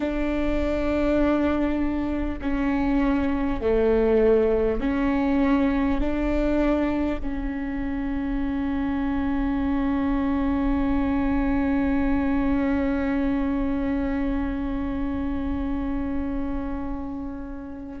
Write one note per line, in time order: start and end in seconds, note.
0.00 2.39 D4
2.41 3.61 C#4
3.61 4.80 A3
4.80 6.00 C#4
6.00 7.20 D4
7.21 18.00 C#4